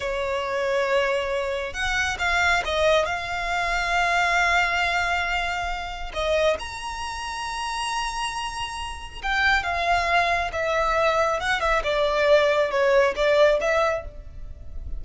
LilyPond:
\new Staff \with { instrumentName = "violin" } { \time 4/4 \tempo 4 = 137 cis''1 | fis''4 f''4 dis''4 f''4~ | f''1~ | f''2 dis''4 ais''4~ |
ais''1~ | ais''4 g''4 f''2 | e''2 fis''8 e''8 d''4~ | d''4 cis''4 d''4 e''4 | }